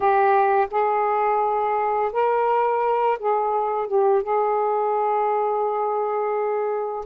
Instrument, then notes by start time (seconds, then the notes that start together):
saxophone
0.00 G4
0.71 G#4
2.12 A#4
3.19 G#4
3.87 G4
4.22 G#4